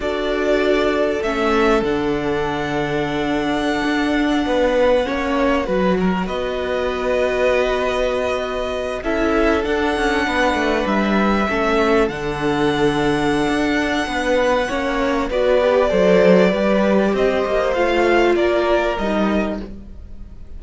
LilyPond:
<<
  \new Staff \with { instrumentName = "violin" } { \time 4/4 \tempo 4 = 98 d''2 e''4 fis''4~ | fis''1~ | fis''2~ fis''16 dis''4.~ dis''16~ | dis''2~ dis''8. e''4 fis''16~ |
fis''4.~ fis''16 e''2 fis''16~ | fis''1~ | fis''4 d''2. | dis''4 f''4 d''4 dis''4 | }
  \new Staff \with { instrumentName = "violin" } { \time 4/4 a'1~ | a'2.~ a'16 b'8.~ | b'16 cis''4 b'8 ais'8 b'4.~ b'16~ | b'2~ b'8. a'4~ a'16~ |
a'8. b'2 a'4~ a'16~ | a'2. b'4 | cis''4 b'4 c''4 b'4 | c''2 ais'2 | }
  \new Staff \with { instrumentName = "viola" } { \time 4/4 fis'2 cis'4 d'4~ | d'1~ | d'16 cis'4 fis'2~ fis'8.~ | fis'2~ fis'8. e'4 d'16~ |
d'2~ d'8. cis'4 d'16~ | d'1 | cis'4 fis'8 g'8 a'4 g'4~ | g'4 f'2 dis'4 | }
  \new Staff \with { instrumentName = "cello" } { \time 4/4 d'2 a4 d4~ | d2~ d16 d'4 b8.~ | b16 ais4 fis4 b4.~ b16~ | b2~ b8. cis'4 d'16~ |
d'16 cis'8 b8 a8 g4 a4 d16~ | d2 d'4 b4 | ais4 b4 fis4 g4 | c'8 ais8 a4 ais4 g4 | }
>>